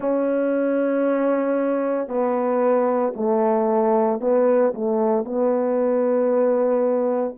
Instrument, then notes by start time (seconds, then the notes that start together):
horn
0.00 C#4
2.08 B3
3.16 A3
4.20 B3
4.74 A3
5.24 B3